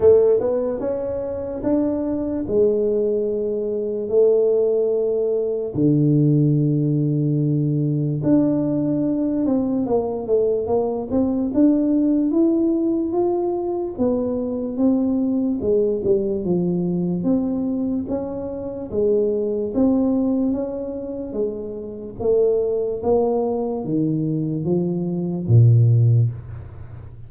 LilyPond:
\new Staff \with { instrumentName = "tuba" } { \time 4/4 \tempo 4 = 73 a8 b8 cis'4 d'4 gis4~ | gis4 a2 d4~ | d2 d'4. c'8 | ais8 a8 ais8 c'8 d'4 e'4 |
f'4 b4 c'4 gis8 g8 | f4 c'4 cis'4 gis4 | c'4 cis'4 gis4 a4 | ais4 dis4 f4 ais,4 | }